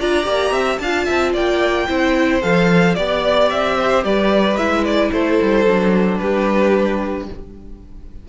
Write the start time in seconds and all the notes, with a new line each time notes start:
0.00 D4 F4 D5 A#5
0.24 A#3 G4
0.52 C4 E5
0.79 D4 F4 F5 A5
1.06 C4 E5
1.33 A#3 D5 G5
1.89 C4 E4 C5
2.42 F3 A4 F5
2.95 B3 G4 D5
3.50 C4 E5
3.78 C5
4.05 G3 B4 D5
4.57 G#3 E4 E5
4.85 D5
5.12 A3 A4 C5
5.42 G3
5.66 F#3 D4
6.19 G3 G4 B4